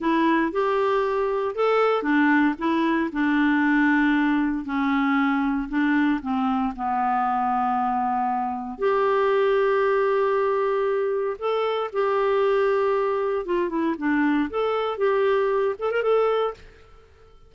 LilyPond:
\new Staff \with { instrumentName = "clarinet" } { \time 4/4 \tempo 4 = 116 e'4 g'2 a'4 | d'4 e'4 d'2~ | d'4 cis'2 d'4 | c'4 b2.~ |
b4 g'2.~ | g'2 a'4 g'4~ | g'2 f'8 e'8 d'4 | a'4 g'4. a'16 ais'16 a'4 | }